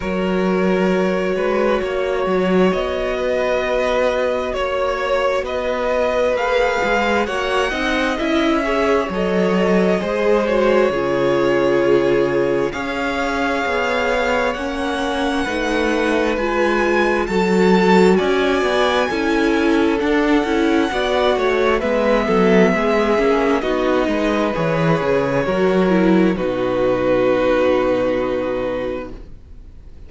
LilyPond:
<<
  \new Staff \with { instrumentName = "violin" } { \time 4/4 \tempo 4 = 66 cis''2. dis''4~ | dis''4 cis''4 dis''4 f''4 | fis''4 e''4 dis''4. cis''8~ | cis''2 f''2 |
fis''2 gis''4 a''4 | gis''2 fis''2 | e''2 dis''4 cis''4~ | cis''4 b'2. | }
  \new Staff \with { instrumentName = "violin" } { \time 4/4 ais'4. b'8 cis''4. b'8~ | b'4 cis''4 b'2 | cis''8 dis''4 cis''4. c''4 | gis'2 cis''2~ |
cis''4 b'2 a'4 | d''4 a'2 d''8 cis''8 | b'8 a'8 gis'4 fis'8 b'4. | ais'4 fis'2. | }
  \new Staff \with { instrumentName = "viola" } { \time 4/4 fis'1~ | fis'2. gis'4 | fis'8 dis'8 e'8 gis'8 a'4 gis'8 fis'8 | f'2 gis'2 |
cis'4 dis'4 f'4 fis'4~ | fis'4 e'4 d'8 e'8 fis'4 | b4. cis'8 dis'4 gis'4 | fis'8 e'8 dis'2. | }
  \new Staff \with { instrumentName = "cello" } { \time 4/4 fis4. gis8 ais8 fis8 b4~ | b4 ais4 b4 ais8 gis8 | ais8 c'8 cis'4 fis4 gis4 | cis2 cis'4 b4 |
ais4 a4 gis4 fis4 | cis'8 b8 cis'4 d'8 cis'8 b8 a8 | gis8 fis8 gis8 ais8 b8 gis8 e8 cis8 | fis4 b,2. | }
>>